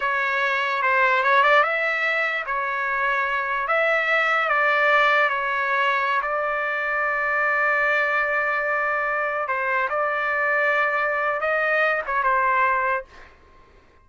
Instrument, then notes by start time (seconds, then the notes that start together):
trumpet
0.00 C#5
0.82 C5
1.23 C#5
1.43 D5
1.63 E5
2.45 C#5
3.67 E5
4.48 D5
5.29 C#5
6.22 D5
9.48 C5
9.89 D5
11.40 D#5
12.06 C#5
12.23 C5